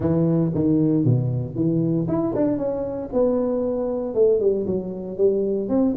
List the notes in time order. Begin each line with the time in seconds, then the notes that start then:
0.00 E3
0.54 D#3
1.05 B2
1.55 E3
2.08 E4
2.35 D4
2.57 C#4
3.12 B3
4.14 A3
4.40 G3
4.66 F#3
5.17 G3
5.68 C4